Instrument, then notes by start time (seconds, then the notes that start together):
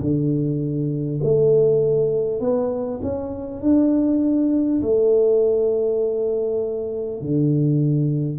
tuba
0.00 D3
1.23 A3
2.40 B3
3.02 C#4
3.61 D4
4.81 A3
7.21 D3